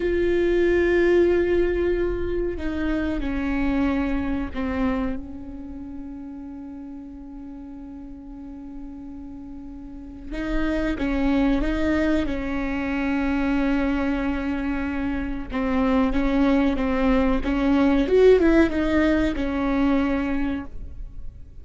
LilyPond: \new Staff \with { instrumentName = "viola" } { \time 4/4 \tempo 4 = 93 f'1 | dis'4 cis'2 c'4 | cis'1~ | cis'1 |
dis'4 cis'4 dis'4 cis'4~ | cis'1 | c'4 cis'4 c'4 cis'4 | fis'8 e'8 dis'4 cis'2 | }